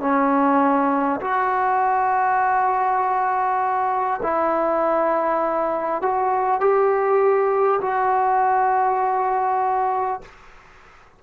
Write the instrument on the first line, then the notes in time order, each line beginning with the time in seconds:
trombone
0.00 C#4
1.21 F#4
4.22 E4
6.01 F#4
6.60 G4
7.81 F#4